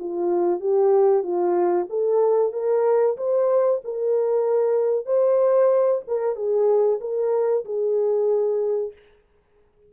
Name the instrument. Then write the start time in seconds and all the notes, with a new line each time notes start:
horn
0.00 F4
0.61 G4
1.23 F4
1.90 A4
2.53 A#4
3.18 C5
3.85 A#4
5.06 C5
6.08 A#4
6.36 G#4
7.01 A#4
7.66 G#4